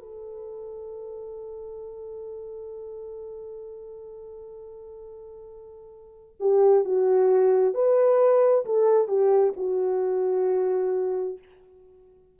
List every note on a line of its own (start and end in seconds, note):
0.00 6.36 A4
6.40 6.85 G4
6.85 7.75 F#4
7.75 8.66 B4
8.66 9.08 A4
9.08 9.54 G4
9.57 11.39 F#4